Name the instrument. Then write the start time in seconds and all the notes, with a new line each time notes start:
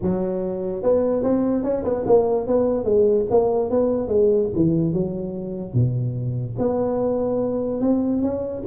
tuba
0.02 F#3
0.82 B3
1.23 C4
1.63 C#4
1.84 B3
2.06 A#3
2.47 B3
2.84 G#3
3.30 A#3
3.69 B3
4.07 G#3
4.55 E3
4.93 F#3
5.73 B2
6.58 B3
7.80 C4
8.22 C#4